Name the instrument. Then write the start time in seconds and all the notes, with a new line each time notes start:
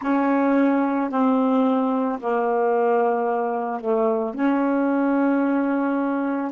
saxophone
0.01 C#4
1.10 C4
2.19 A#3
3.80 A3
4.34 C#4